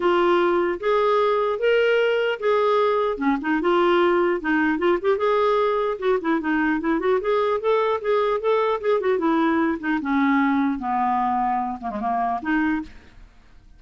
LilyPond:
\new Staff \with { instrumentName = "clarinet" } { \time 4/4 \tempo 4 = 150 f'2 gis'2 | ais'2 gis'2 | cis'8 dis'8 f'2 dis'4 | f'8 g'8 gis'2 fis'8 e'8 |
dis'4 e'8 fis'8 gis'4 a'4 | gis'4 a'4 gis'8 fis'8 e'4~ | e'8 dis'8 cis'2 b4~ | b4. ais16 gis16 ais4 dis'4 | }